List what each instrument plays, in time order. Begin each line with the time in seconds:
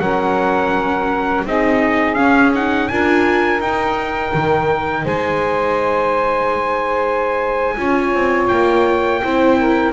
0.00 double bass F#3, viola C#4, saxophone A#4, trumpet F#5
1.45 double bass C4, viola D#4, saxophone G#4, trumpet D#5
2.14 viola C#4, double bass C#4, trumpet F5
2.55 viola D#4, trumpet F#5
2.88 double bass D4, viola F4, saxophone A#4, trumpet G#5
3.60 double bass D#4, viola D#4, trumpet G5
4.34 double bass D#3
5.04 double bass G#3, saxophone C5, trumpet G#5
7.77 double bass C#4, viola F4, saxophone C#5
8.14 double bass C4
8.48 double bass A#3, trumpet G5
9.22 double bass C4, viola E4, saxophone C5
9.58 saxophone A#4